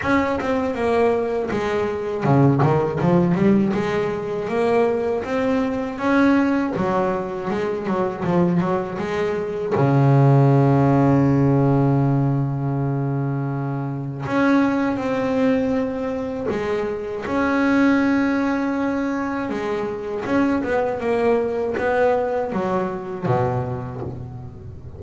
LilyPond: \new Staff \with { instrumentName = "double bass" } { \time 4/4 \tempo 4 = 80 cis'8 c'8 ais4 gis4 cis8 dis8 | f8 g8 gis4 ais4 c'4 | cis'4 fis4 gis8 fis8 f8 fis8 | gis4 cis2.~ |
cis2. cis'4 | c'2 gis4 cis'4~ | cis'2 gis4 cis'8 b8 | ais4 b4 fis4 b,4 | }